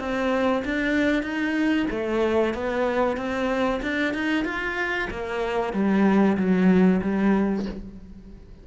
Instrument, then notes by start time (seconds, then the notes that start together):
cello
0.00 C4
0.65 D4
1.23 D#4
1.91 A3
2.54 B3
3.17 C4
3.83 D4
4.14 D#4
4.45 F4
5.11 A#3
5.74 G3
6.38 F#3
7.02 G3